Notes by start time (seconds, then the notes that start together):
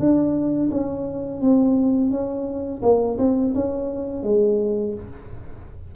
0.00 D4
0.71 C#4
1.42 C4
2.11 C#4
2.83 A#3
3.19 C4
3.55 C#4
4.24 G#3